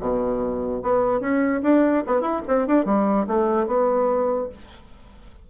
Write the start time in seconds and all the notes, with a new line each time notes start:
0.00 B2
0.83 B3
1.20 C#4
1.63 D4
2.07 B3
2.21 E4
2.48 C4
2.67 D4
2.85 G3
3.27 A3
3.67 B3